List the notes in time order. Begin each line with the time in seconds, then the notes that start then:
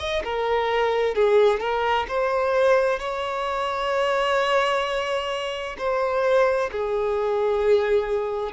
0.00 D#5
0.24 A#4
1.16 G#4
1.60 A#4
2.09 C5
3.00 C#5
5.79 C5
6.72 G#4